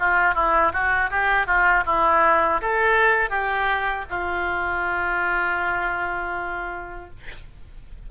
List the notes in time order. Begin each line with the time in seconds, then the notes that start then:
0.00 F4
0.35 E4
0.73 F#4
1.11 G4
1.47 F4
1.86 E4
2.62 A4
3.30 G4
4.10 F4